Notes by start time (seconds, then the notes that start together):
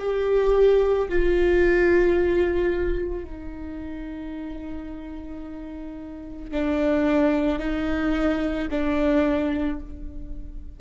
0.00 G4
1.10 F4
3.25 D#4
6.52 D4
7.59 D#4
8.71 D4